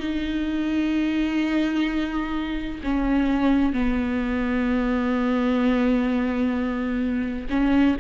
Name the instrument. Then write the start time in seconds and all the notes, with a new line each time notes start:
viola
0.00 D#4
2.84 C#4
3.73 B3
7.50 C#4